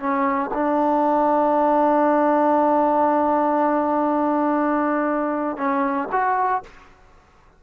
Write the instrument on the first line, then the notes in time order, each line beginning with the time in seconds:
trombone
0.00 C#4
0.54 D4
5.58 C#4
6.12 F#4